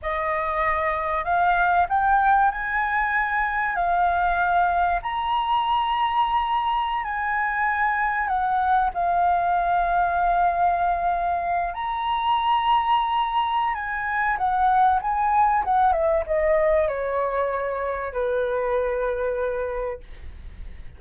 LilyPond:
\new Staff \with { instrumentName = "flute" } { \time 4/4 \tempo 4 = 96 dis''2 f''4 g''4 | gis''2 f''2 | ais''2.~ ais''16 gis''8.~ | gis''4~ gis''16 fis''4 f''4.~ f''16~ |
f''2~ f''8. ais''4~ ais''16~ | ais''2 gis''4 fis''4 | gis''4 fis''8 e''8 dis''4 cis''4~ | cis''4 b'2. | }